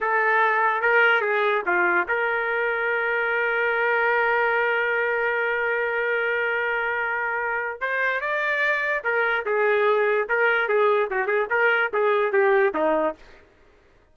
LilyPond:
\new Staff \with { instrumentName = "trumpet" } { \time 4/4 \tempo 4 = 146 a'2 ais'4 gis'4 | f'4 ais'2.~ | ais'1~ | ais'1~ |
ais'2. c''4 | d''2 ais'4 gis'4~ | gis'4 ais'4 gis'4 fis'8 gis'8 | ais'4 gis'4 g'4 dis'4 | }